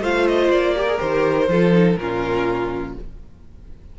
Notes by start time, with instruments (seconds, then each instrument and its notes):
0.00 cello A3, viola F4, violin C5 F5
0.27 violin D#5
0.50 cello A#3, violin D5
0.76 viola G4, violin A#4
0.88 viola G#4
0.97 cello D#3, viola G4, violin C5
1.48 cello F3, viola F4, violin A4
1.72 viola D#4
1.95 cello A#2, viola C#4, violin F4 A#4